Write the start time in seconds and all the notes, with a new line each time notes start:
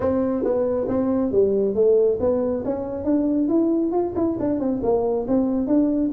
0.00 C4
0.43 B3
0.88 C4
1.31 G3
1.74 A3
2.20 B3
2.64 C#4
3.04 D4
3.48 E4
3.91 F4
4.15 E4
4.39 D4
4.59 C4
4.82 A#3
5.27 C4
5.67 D4